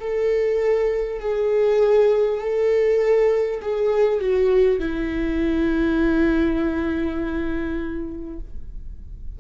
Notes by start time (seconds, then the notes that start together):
0.00 A4
1.21 G#4
2.41 A4
3.62 G#4
4.21 F#4
4.79 E4